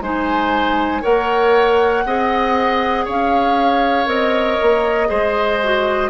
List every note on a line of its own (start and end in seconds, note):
0.00 1.02 G#3
0.00 1.02 D#4
0.00 1.01 C5
0.00 1.03 G#5
1.01 2.05 A#3
1.01 2.03 A#4
1.01 2.03 C#5
1.01 3.06 F#5
2.05 3.06 C4
2.05 4.05 G#4
2.05 3.05 D#5
3.05 4.06 C#4
3.05 5.08 C#5
3.05 4.08 F5
4.05 4.57 C4
4.05 5.06 A#4
4.05 6.10 D#5
4.61 5.10 A#3
5.06 6.10 G#3
5.06 5.57 G#4
5.06 6.10 C5
5.64 6.10 F#4